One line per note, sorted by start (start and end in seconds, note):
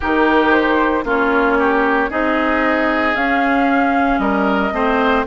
0.00 1.04 D#3
0.00 1.04 D#4
0.00 1.04 G4
0.00 0.51 A#4
0.51 1.04 C5
1.04 2.09 A#3
1.04 2.10 C#4
1.04 1.57 F4
1.04 2.11 C#5
1.58 2.10 G4
2.10 3.14 C4
2.10 3.15 D#4
2.10 4.20 G#4
2.10 3.15 D#5
3.14 4.18 C#4
3.14 4.73 C#4
3.14 4.18 F5
4.18 4.71 G3
4.18 4.73 A#4
4.18 5.23 D#5
4.71 5.24 A3
4.71 5.25 C4
4.71 5.26 C5